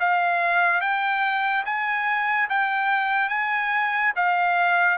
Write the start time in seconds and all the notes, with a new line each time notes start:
0.00 F5
0.81 G5
1.66 G#5
2.50 G5
3.30 G#5
4.16 F5